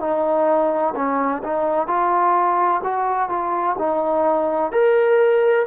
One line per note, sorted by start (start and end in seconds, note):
0.00 0.94 D#4
0.95 1.42 C#4
1.44 1.87 D#4
1.87 2.81 F4
2.83 3.29 F#4
3.29 3.76 F4
3.78 4.72 D#4
4.72 5.66 A#4